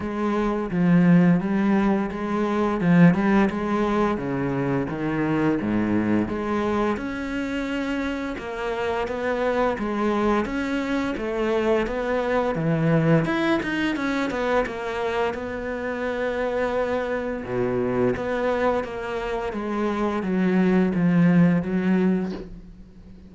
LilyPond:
\new Staff \with { instrumentName = "cello" } { \time 4/4 \tempo 4 = 86 gis4 f4 g4 gis4 | f8 g8 gis4 cis4 dis4 | gis,4 gis4 cis'2 | ais4 b4 gis4 cis'4 |
a4 b4 e4 e'8 dis'8 | cis'8 b8 ais4 b2~ | b4 b,4 b4 ais4 | gis4 fis4 f4 fis4 | }